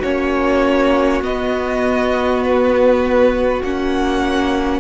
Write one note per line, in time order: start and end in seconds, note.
0.00 1.22 A#3
0.00 1.24 C#4
0.00 4.80 F#4
0.00 1.23 C#5
1.22 3.62 B3
1.22 3.64 B3
1.22 2.43 D#5
2.43 3.63 B4
3.63 4.80 A#3
3.63 4.80 C#4
3.63 4.80 F#5